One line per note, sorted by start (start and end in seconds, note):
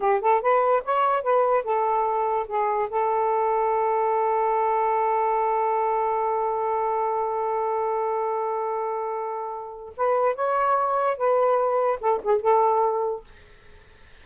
0.00 0.21 G4
0.21 0.41 A4
0.41 0.83 B4
0.84 1.22 C#5
1.22 1.63 B4
1.63 2.46 A4
2.47 2.89 G#4
2.89 9.93 A4
9.96 10.35 B4
10.35 11.17 C#5
11.17 11.99 B4
12.00 12.21 A4
12.23 12.41 G#4
12.41 13.24 A4